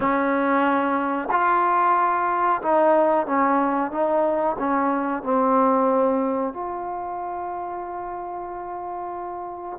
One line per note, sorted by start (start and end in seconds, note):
0.00 1.28 C#4
1.31 2.61 F4
2.61 3.26 D#4
3.26 3.91 C#4
3.91 4.56 D#4
4.59 5.23 C#4
5.23 6.53 C4
6.53 9.78 F4